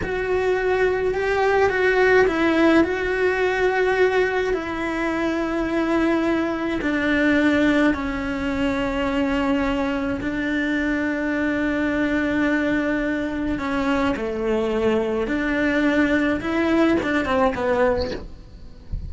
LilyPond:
\new Staff \with { instrumentName = "cello" } { \time 4/4 \tempo 4 = 106 fis'2 g'4 fis'4 | e'4 fis'2. | e'1 | d'2 cis'2~ |
cis'2 d'2~ | d'1 | cis'4 a2 d'4~ | d'4 e'4 d'8 c'8 b4 | }